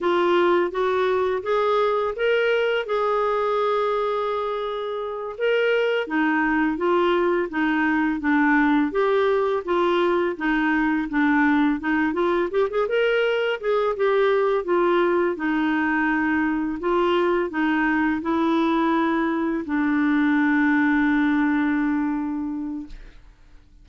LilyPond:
\new Staff \with { instrumentName = "clarinet" } { \time 4/4 \tempo 4 = 84 f'4 fis'4 gis'4 ais'4 | gis'2.~ gis'8 ais'8~ | ais'8 dis'4 f'4 dis'4 d'8~ | d'8 g'4 f'4 dis'4 d'8~ |
d'8 dis'8 f'8 g'16 gis'16 ais'4 gis'8 g'8~ | g'8 f'4 dis'2 f'8~ | f'8 dis'4 e'2 d'8~ | d'1 | }